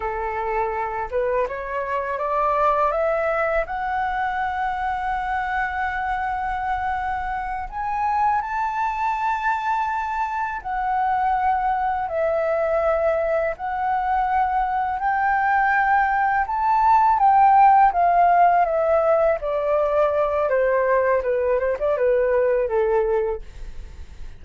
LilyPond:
\new Staff \with { instrumentName = "flute" } { \time 4/4 \tempo 4 = 82 a'4. b'8 cis''4 d''4 | e''4 fis''2.~ | fis''2~ fis''8 gis''4 a''8~ | a''2~ a''8 fis''4.~ |
fis''8 e''2 fis''4.~ | fis''8 g''2 a''4 g''8~ | g''8 f''4 e''4 d''4. | c''4 b'8 c''16 d''16 b'4 a'4 | }